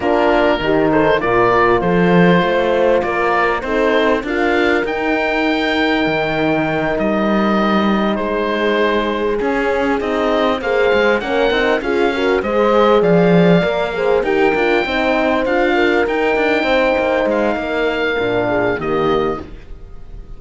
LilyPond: <<
  \new Staff \with { instrumentName = "oboe" } { \time 4/4 \tempo 4 = 99 ais'4. c''8 d''4 c''4~ | c''4 d''4 c''4 f''4 | g''2.~ g''8 dis''8~ | dis''4. c''2 gis'8~ |
gis'8 dis''4 f''4 fis''4 f''8~ | f''8 dis''4 f''2 g''8~ | g''4. f''4 g''4.~ | g''8 f''2~ f''8 dis''4 | }
  \new Staff \with { instrumentName = "horn" } { \time 4/4 f'4 g'8 a'8 ais'4 a'4 | c''4 ais'4 a'4 ais'4~ | ais'1~ | ais'4. gis'2~ gis'8~ |
gis'4. c''4 ais'4 gis'8 | ais'8 c''4 d''4. c''8 ais'8~ | ais'8 c''4. ais'4. c''8~ | c''4 ais'4. gis'8 g'4 | }
  \new Staff \with { instrumentName = "horn" } { \time 4/4 d'4 dis'4 f'2~ | f'2 dis'4 f'4 | dis'1~ | dis'2.~ dis'8 cis'8~ |
cis'8 dis'4 gis'4 cis'8 dis'8 f'8 | fis'8 gis'2 ais'8 gis'8 g'8 | f'8 dis'4 f'4 dis'4.~ | dis'2 d'4 ais4 | }
  \new Staff \with { instrumentName = "cello" } { \time 4/4 ais4 dis4 ais,4 f4 | a4 ais4 c'4 d'4 | dis'2 dis4. g8~ | g4. gis2 cis'8~ |
cis'8 c'4 ais8 gis8 ais8 c'8 cis'8~ | cis'8 gis4 f4 ais4 dis'8 | d'8 c'4 d'4 dis'8 d'8 c'8 | ais8 gis8 ais4 ais,4 dis4 | }
>>